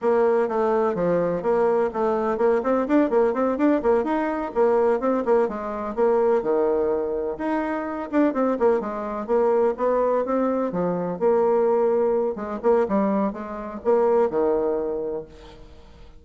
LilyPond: \new Staff \with { instrumentName = "bassoon" } { \time 4/4 \tempo 4 = 126 ais4 a4 f4 ais4 | a4 ais8 c'8 d'8 ais8 c'8 d'8 | ais8 dis'4 ais4 c'8 ais8 gis8~ | gis8 ais4 dis2 dis'8~ |
dis'4 d'8 c'8 ais8 gis4 ais8~ | ais8 b4 c'4 f4 ais8~ | ais2 gis8 ais8 g4 | gis4 ais4 dis2 | }